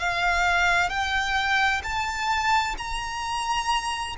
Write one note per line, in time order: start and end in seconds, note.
0.00 0.90 F5
0.90 1.83 G5
1.84 2.76 A5
2.78 4.17 A#5